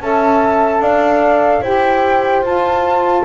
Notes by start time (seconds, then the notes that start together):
0.00 C#4 A4 E5 A5
0.80 D4 D5 F5
1.61 E4 G4 C5 G5
2.41 F4 A5